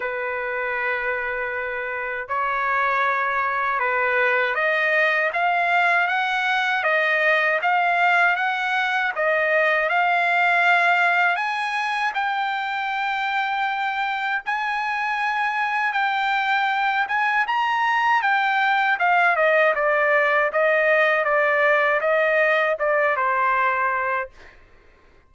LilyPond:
\new Staff \with { instrumentName = "trumpet" } { \time 4/4 \tempo 4 = 79 b'2. cis''4~ | cis''4 b'4 dis''4 f''4 | fis''4 dis''4 f''4 fis''4 | dis''4 f''2 gis''4 |
g''2. gis''4~ | gis''4 g''4. gis''8 ais''4 | g''4 f''8 dis''8 d''4 dis''4 | d''4 dis''4 d''8 c''4. | }